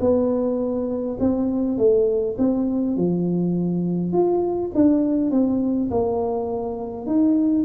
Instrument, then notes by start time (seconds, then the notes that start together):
tuba
0.00 B3
1.20 C4
1.78 A3
2.38 C4
2.97 F3
4.13 F4
4.74 D4
5.31 C4
5.90 A#3
7.06 D#4